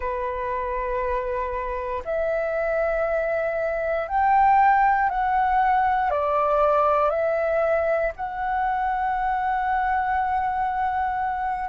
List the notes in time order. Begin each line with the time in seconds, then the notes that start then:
0.00 B4
2.04 E5
4.07 G5
5.09 F#5
6.10 D5
7.10 E5
8.15 F#5